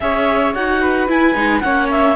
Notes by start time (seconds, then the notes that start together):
0.00 C#4 G#4 C#5 E5
0.54 D#4 F#4 F#5
0.81 B4
1.08 E4 G#5
1.35 G#3 D#4
1.60 A#3 C#4 C#5 F#5
1.90 E5